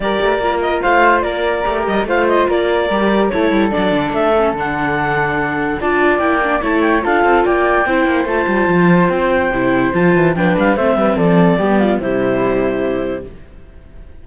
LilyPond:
<<
  \new Staff \with { instrumentName = "clarinet" } { \time 4/4 \tempo 4 = 145 d''4. dis''8 f''4 d''4~ | d''8 dis''8 f''8 dis''8 d''2 | cis''4 d''4 e''4 fis''4~ | fis''2 a''4 g''4 |
a''8 g''8 f''4 g''2 | a''2 g''2 | a''4 g''8 f''8 e''4 d''4~ | d''4 c''2. | }
  \new Staff \with { instrumentName = "flute" } { \time 4/4 ais'2 c''4 ais'4~ | ais'4 c''4 ais'2 | a'1~ | a'2 d''2 |
cis''4 a'4 d''4 c''4~ | c''1~ | c''4 b'4 c''8 b'8 a'4 | g'8 f'8 e'2. | }
  \new Staff \with { instrumentName = "viola" } { \time 4/4 g'4 f'2. | g'4 f'2 g'4 | e'4 d'4. cis'8 d'4~ | d'2 f'4 e'8 d'8 |
e'4 f'2 e'4 | f'2. e'4 | f'4 d'4 c'2 | b4 g2. | }
  \new Staff \with { instrumentName = "cello" } { \time 4/4 g8 a8 ais4 a4 ais4 | a8 g8 a4 ais4 g4 | a8 g8 fis8 d8 a4 d4~ | d2 d'4 ais4 |
a4 d'8 c'8 ais4 c'8 ais8 | a8 g8 f4 c'4 c4 | f8 e8 f8 g8 a8 g8 f4 | g4 c2. | }
>>